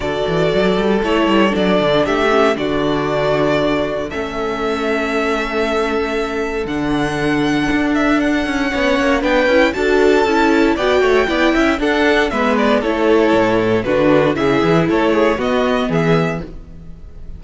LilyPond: <<
  \new Staff \with { instrumentName = "violin" } { \time 4/4 \tempo 4 = 117 d''2 cis''4 d''4 | e''4 d''2. | e''1~ | e''4 fis''2~ fis''8 e''8 |
fis''2 g''4 a''4~ | a''4 g''2 fis''4 | e''8 d''8 cis''2 b'4 | e''4 cis''4 dis''4 e''4 | }
  \new Staff \with { instrumentName = "violin" } { \time 4/4 a'1 | g'4 fis'2. | a'1~ | a'1~ |
a'4 cis''4 b'4 a'4~ | a'4 d''8 cis''8 d''8 e''8 a'4 | b'4 a'2 fis'4 | gis'4 a'8 gis'8 fis'4 gis'4 | }
  \new Staff \with { instrumentName = "viola" } { \time 4/4 fis'2 e'4 d'4~ | d'8 cis'8 d'2. | cis'1~ | cis'4 d'2.~ |
d'4 cis'4 d'8 e'8 fis'4 | e'4 fis'4 e'4 d'4 | b4 e'2 d'4 | e'2 b2 | }
  \new Staff \with { instrumentName = "cello" } { \time 4/4 d8 e8 fis8 g8 a8 g8 fis8 d8 | a4 d2. | a1~ | a4 d2 d'4~ |
d'8 cis'8 b8 ais8 b8 cis'8 d'4 | cis'4 b8 a8 b8 cis'8 d'4 | gis4 a4 a,4 d4 | cis8 e8 a4 b4 e4 | }
>>